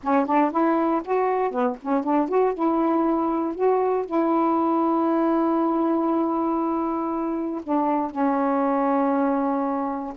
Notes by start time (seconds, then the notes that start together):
0.03 C#4
0.25 D4
0.51 E4
1.04 F#4
1.50 B3
1.81 C#4
2.03 D4
2.28 F#4
2.54 E4
3.54 F#4
4.05 E4
7.63 D4
8.10 C#4